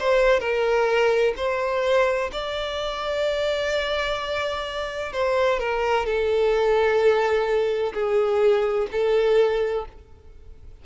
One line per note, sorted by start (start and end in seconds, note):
0.00 0.40 C5
0.40 1.34 A#4
1.37 2.31 C5
2.33 5.13 D5
5.13 5.60 C5
5.60 6.06 A#4
6.06 7.93 A4
7.94 8.88 G#4
8.92 9.86 A4